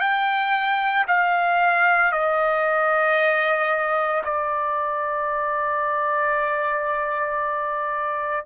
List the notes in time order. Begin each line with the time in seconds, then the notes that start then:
0.00 G5
1.07 F5
2.11 D#5
4.24 D5